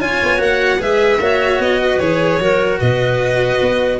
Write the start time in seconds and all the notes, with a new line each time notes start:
0.00 C#4 F4 C#5 G#5
0.22 B3
0.38 A#3 F#4 F#5
0.79 G#3 G#4 B4 E5
1.19 A#3 F#4 C#5
1.59 B3 D#5
1.83 B4
1.99 E3 G#4 C#5
2.39 F#3 F#4 A#4
2.80 B2 B4 D#5
3.61 B3